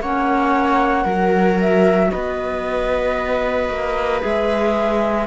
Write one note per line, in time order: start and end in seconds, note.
0.00 1.05 A#3
0.00 1.07 C#4
0.00 1.04 C#5
0.00 1.60 F#5
1.04 2.11 F#3
1.04 4.21 F#4
1.04 2.10 A#4
1.61 2.11 E5
2.11 3.69 B3
2.11 5.27 B4
2.11 4.21 D#5
3.69 4.22 A#3
4.21 5.27 G#3
4.21 5.26 G#4
4.21 5.27 E5